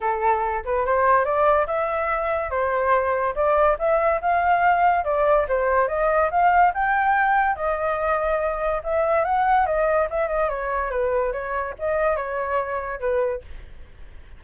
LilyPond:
\new Staff \with { instrumentName = "flute" } { \time 4/4 \tempo 4 = 143 a'4. b'8 c''4 d''4 | e''2 c''2 | d''4 e''4 f''2 | d''4 c''4 dis''4 f''4 |
g''2 dis''2~ | dis''4 e''4 fis''4 dis''4 | e''8 dis''8 cis''4 b'4 cis''4 | dis''4 cis''2 b'4 | }